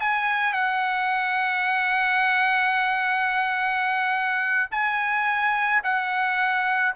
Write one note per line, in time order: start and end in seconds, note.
0.00 0.53 G#5
0.53 4.70 F#5
4.71 5.82 G#5
5.84 6.95 F#5